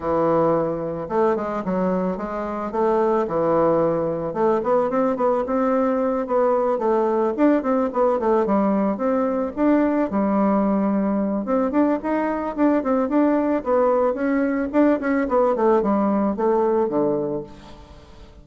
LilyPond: \new Staff \with { instrumentName = "bassoon" } { \time 4/4 \tempo 4 = 110 e2 a8 gis8 fis4 | gis4 a4 e2 | a8 b8 c'8 b8 c'4. b8~ | b8 a4 d'8 c'8 b8 a8 g8~ |
g8 c'4 d'4 g4.~ | g4 c'8 d'8 dis'4 d'8 c'8 | d'4 b4 cis'4 d'8 cis'8 | b8 a8 g4 a4 d4 | }